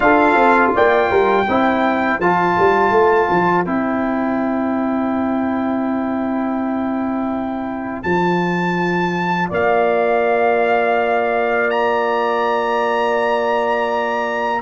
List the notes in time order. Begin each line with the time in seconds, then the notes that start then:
0.00 D4 F4 A4 F5
0.34 C4
0.74 A#3 D5 G5
1.10 G3 A#4
1.45 C4 E4 C5
2.19 F3 F4 A5
2.58 G3
2.91 A3
3.30 F3
3.64 C4 E4 G5
8.02 F3 F4 A5
9.49 A#3 D5 F5
11.70 A#5